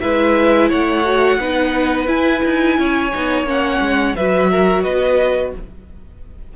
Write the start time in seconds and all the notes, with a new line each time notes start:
0.00 G#3 E4 B4 E5
0.69 A3 C#5 F#5
1.04 F#4
1.38 B3 D#4 B4
2.07 E4 G#5
2.44 D#4
2.78 C#4 C#5
3.13 B3 D#4
3.43 A#3 C#4
3.49 F#5
3.80 G#3
4.16 F#3 F#4 B4 E5
4.50 A#4
4.83 B3 B4 D#5